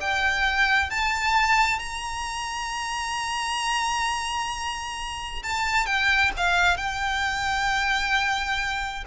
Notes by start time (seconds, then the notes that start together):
0.00 G5
0.90 A5
1.79 A#5
5.43 A5
5.86 G5
6.37 F5
6.77 G5